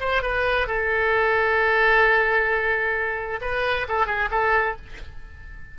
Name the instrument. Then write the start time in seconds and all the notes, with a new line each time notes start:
oboe
0.00 C5
0.22 B4
0.67 A4
3.41 B4
3.88 A4
4.06 G#4
4.31 A4